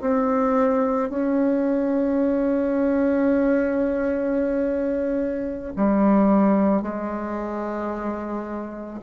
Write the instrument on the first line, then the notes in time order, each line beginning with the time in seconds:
bassoon
0.00 C4
1.09 C#4
5.76 G3
6.82 G#3